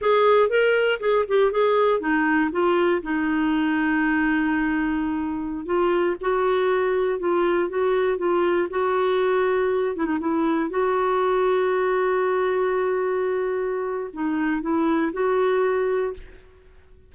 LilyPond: \new Staff \with { instrumentName = "clarinet" } { \time 4/4 \tempo 4 = 119 gis'4 ais'4 gis'8 g'8 gis'4 | dis'4 f'4 dis'2~ | dis'2.~ dis'16 f'8.~ | f'16 fis'2 f'4 fis'8.~ |
fis'16 f'4 fis'2~ fis'8 e'16 | dis'16 e'4 fis'2~ fis'8.~ | fis'1 | dis'4 e'4 fis'2 | }